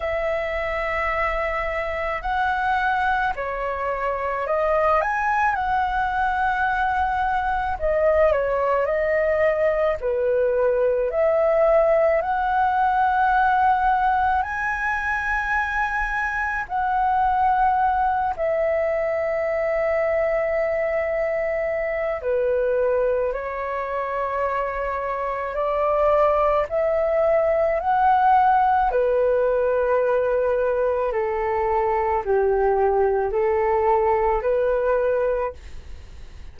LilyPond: \new Staff \with { instrumentName = "flute" } { \time 4/4 \tempo 4 = 54 e''2 fis''4 cis''4 | dis''8 gis''8 fis''2 dis''8 cis''8 | dis''4 b'4 e''4 fis''4~ | fis''4 gis''2 fis''4~ |
fis''8 e''2.~ e''8 | b'4 cis''2 d''4 | e''4 fis''4 b'2 | a'4 g'4 a'4 b'4 | }